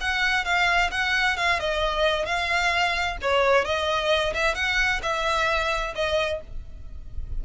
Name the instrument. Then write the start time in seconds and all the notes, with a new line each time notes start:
violin
0.00 F#5
0.44 F5
0.91 F#5
1.37 F5
1.59 D#5
2.25 F5
3.21 C#5
3.65 D#5
4.34 E5
4.54 F#5
5.02 E5
5.95 D#5